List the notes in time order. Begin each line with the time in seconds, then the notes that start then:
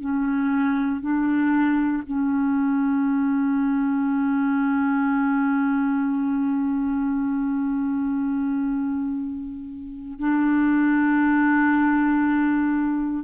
0.00 C#4
1.01 D4
2.06 C#4
10.19 D4